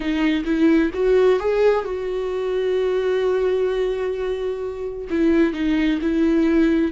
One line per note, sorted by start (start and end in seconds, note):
0.00 0.44 D#4
0.44 0.90 E4
0.93 1.39 F#4
1.39 1.85 G#4
1.85 5.08 F#4
5.09 5.53 E4
5.53 5.99 D#4
6.01 6.91 E4